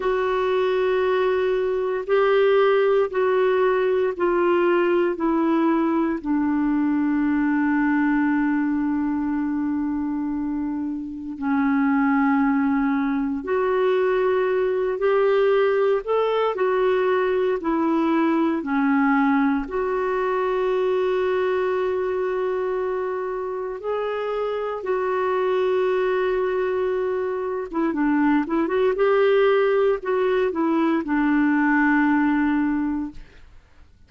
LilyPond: \new Staff \with { instrumentName = "clarinet" } { \time 4/4 \tempo 4 = 58 fis'2 g'4 fis'4 | f'4 e'4 d'2~ | d'2. cis'4~ | cis'4 fis'4. g'4 a'8 |
fis'4 e'4 cis'4 fis'4~ | fis'2. gis'4 | fis'2~ fis'8. e'16 d'8 e'16 fis'16 | g'4 fis'8 e'8 d'2 | }